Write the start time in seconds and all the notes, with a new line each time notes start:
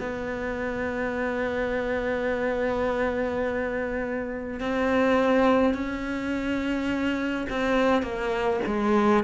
0.00 B3
4.60 C4
5.74 C#4
7.50 C4
8.03 A#3
8.67 G#3